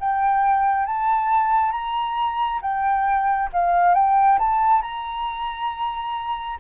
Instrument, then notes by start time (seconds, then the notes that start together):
flute
0.00 G5
0.86 A5
1.72 A#5
2.61 G5
3.53 F5
3.94 G5
4.39 A5
4.82 A#5